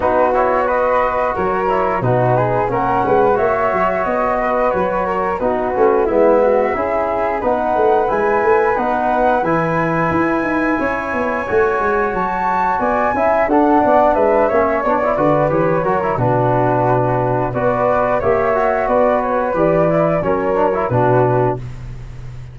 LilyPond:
<<
  \new Staff \with { instrumentName = "flute" } { \time 4/4 \tempo 4 = 89 b'8 cis''8 dis''4 cis''4 b'4 | fis''4 e''4 dis''4 cis''4 | b'4 e''2 fis''4 | gis''4 fis''4 gis''2~ |
gis''2 a''4 gis''4 | fis''4 e''4 d''4 cis''4 | b'2 d''4 e''4 | d''8 cis''8 d''4 cis''4 b'4 | }
  \new Staff \with { instrumentName = "flute" } { \time 4/4 fis'4 b'4 ais'4 fis'8 gis'8 | ais'8 b'8 cis''4. b'4 ais'8 | fis'4 e'8 fis'8 gis'4 b'4~ | b'1 |
cis''2. d''8 e''8 | a'8 d''8 b'8 cis''4 b'4 ais'8 | fis'2 b'4 cis''4 | b'2 ais'4 fis'4 | }
  \new Staff \with { instrumentName = "trombone" } { \time 4/4 dis'8 e'8 fis'4. e'8 dis'4 | cis'4 fis'2. | dis'8 cis'8 b4 e'4 dis'4 | e'4 dis'4 e'2~ |
e'4 fis'2~ fis'8 e'8 | d'4. cis'8 d'16 e'16 fis'8 g'8 fis'16 e'16 | d'2 fis'4 g'8 fis'8~ | fis'4 g'8 e'8 cis'8 d'16 e'16 d'4 | }
  \new Staff \with { instrumentName = "tuba" } { \time 4/4 b2 fis4 b,4 | ais8 gis8 ais8 fis8 b4 fis4 | b8 a8 gis4 cis'4 b8 a8 | gis8 a8 b4 e4 e'8 dis'8 |
cis'8 b8 a8 gis8 fis4 b8 cis'8 | d'8 b8 gis8 ais8 b8 d8 e8 fis8 | b,2 b4 ais4 | b4 e4 fis4 b,4 | }
>>